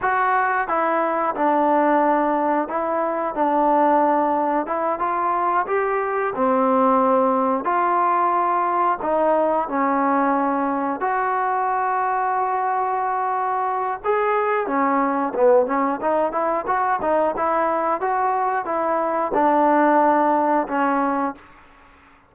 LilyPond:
\new Staff \with { instrumentName = "trombone" } { \time 4/4 \tempo 4 = 90 fis'4 e'4 d'2 | e'4 d'2 e'8 f'8~ | f'8 g'4 c'2 f'8~ | f'4. dis'4 cis'4.~ |
cis'8 fis'2.~ fis'8~ | fis'4 gis'4 cis'4 b8 cis'8 | dis'8 e'8 fis'8 dis'8 e'4 fis'4 | e'4 d'2 cis'4 | }